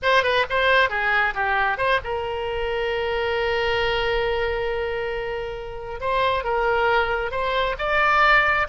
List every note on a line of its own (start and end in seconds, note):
0.02 0.23 C5
0.23 0.45 B4
0.49 0.89 C5
0.89 1.34 G#4
1.34 1.77 G4
1.77 1.99 C5
2.04 6.00 A#4
6.00 6.43 C5
6.43 7.31 A#4
7.31 7.75 C5
7.78 8.67 D5